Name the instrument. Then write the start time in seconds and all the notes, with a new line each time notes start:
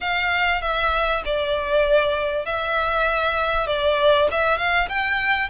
violin
0.00 F5
0.61 E5
1.25 D5
2.45 E5
3.66 D5
4.31 E5
4.58 F5
4.88 G5